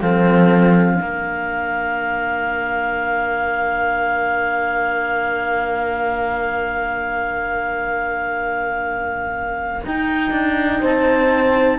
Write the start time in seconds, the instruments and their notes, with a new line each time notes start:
0.00 cello F3 C4, horn A4, clarinet F5
0.96 cello A#3 D4, horn A#4
9.86 cello D#4, clarinet G5
10.31 cello D4
10.80 cello C4, horn C5, clarinet A5